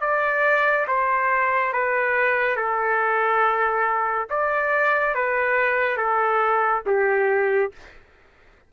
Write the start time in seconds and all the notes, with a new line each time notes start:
0.00 D5
0.87 C5
1.73 B4
2.56 A4
4.29 D5
5.14 B4
5.96 A4
6.86 G4